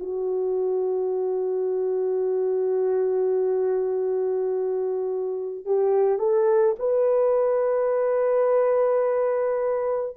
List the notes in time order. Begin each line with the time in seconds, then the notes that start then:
0.00 F#4
5.66 G4
6.19 A4
6.79 B4